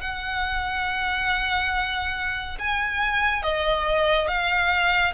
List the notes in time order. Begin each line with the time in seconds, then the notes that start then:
0.00 F#5
2.58 G#5
3.42 D#5
4.27 F5